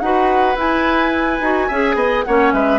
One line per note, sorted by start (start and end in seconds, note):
0.00 0.56 D#4
0.00 0.56 F#4
0.00 1.68 B4
0.00 0.56 F#5
0.56 1.40 E4
0.56 2.24 G#5
1.41 1.69 D#4
1.41 1.70 F#4
1.68 1.95 C#4
1.68 2.27 G#4
1.68 1.96 E5
1.95 2.23 B3
1.95 2.24 D#5
2.24 2.53 A#3
2.24 2.79 C#4
2.24 2.54 C#5
2.24 2.52 F#5
2.53 2.79 G#3
2.53 2.79 B4
2.53 2.79 E5